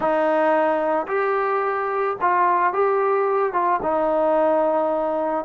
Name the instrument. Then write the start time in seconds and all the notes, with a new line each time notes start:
trombone
0.00 D#4
1.07 G4
2.21 F4
2.73 G4
3.53 F4
3.82 D#4